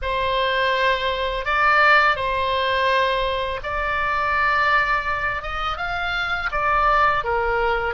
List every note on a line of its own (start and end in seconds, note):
0.02 1.45 C5
1.45 2.16 D5
2.16 3.60 C5
3.63 5.42 D5
5.42 5.77 D#5
5.77 6.49 F5
6.51 7.24 D5
7.24 7.94 A#4